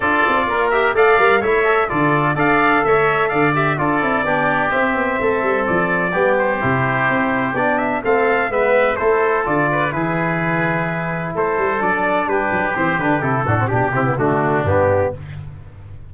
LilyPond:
<<
  \new Staff \with { instrumentName = "trumpet" } { \time 4/4 \tempo 4 = 127 d''4. e''8 f''4 e''4 | d''4 f''4 e''4 f''8 e''8 | d''2 e''2 | d''4. c''2~ c''8 |
d''8 e''8 f''4 e''4 c''4 | d''4 b'2. | c''4 d''4 b'4 c''8 b'8 | a'4 g'8 e'8 fis'4 g'4 | }
  \new Staff \with { instrumentName = "oboe" } { \time 4/4 a'4 ais'4 d''4 cis''4 | a'4 d''4 cis''4 d''4 | a'4 g'2 a'4~ | a'4 g'2.~ |
g'4 a'4 b'4 a'4~ | a'8 b'8 gis'2. | a'2 g'2~ | g'8 fis'8 g'4 d'2 | }
  \new Staff \with { instrumentName = "trombone" } { \time 4/4 f'4. g'8 a'8 ais'8 e'8 a'8 | f'4 a'2~ a'8 g'8 | f'8 e'8 d'4 c'2~ | c'4 b4 e'2 |
d'4 c'4 b4 e'4 | f'4 e'2.~ | e'4 d'2 c'8 d'8 | e'8 d'16 c'16 d'8 c'16 b16 a4 b4 | }
  \new Staff \with { instrumentName = "tuba" } { \time 4/4 d'8 c'8 ais4 a8 g8 a4 | d4 d'4 a4 d4 | d'8 c'8 b4 c'8 b8 a8 g8 | f4 g4 c4 c'4 |
b4 a4 gis4 a4 | d4 e2. | a8 g8 fis4 g8 fis8 e8 d8 | c8 a,8 b,8 c8 d4 g,4 | }
>>